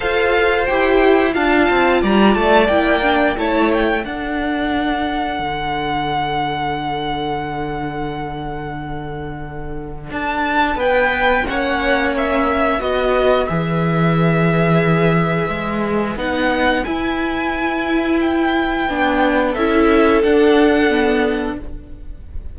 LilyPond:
<<
  \new Staff \with { instrumentName = "violin" } { \time 4/4 \tempo 4 = 89 f''4 g''4 a''4 ais''8 a''8 | g''4 a''8 g''8 fis''2~ | fis''1~ | fis''2. a''4 |
g''4 fis''4 e''4 dis''4 | e''1 | fis''4 gis''2 g''4~ | g''4 e''4 fis''2 | }
  \new Staff \with { instrumentName = "violin" } { \time 4/4 c''2 f''4 d''4~ | d''4 cis''4 a'2~ | a'1~ | a'1 |
b'4 cis''2 b'4~ | b'1~ | b'1~ | b'4 a'2. | }
  \new Staff \with { instrumentName = "viola" } { \time 4/4 a'4 g'4 f'2 | e'8 d'8 e'4 d'2~ | d'1~ | d'1~ |
d'4 cis'2 fis'4 | gis'1 | dis'4 e'2. | d'4 e'4 d'4 b4 | }
  \new Staff \with { instrumentName = "cello" } { \time 4/4 f'4 e'4 d'8 c'8 g8 a8 | ais4 a4 d'2 | d1~ | d2. d'4 |
b4 ais2 b4 | e2. gis4 | b4 e'2. | b4 cis'4 d'2 | }
>>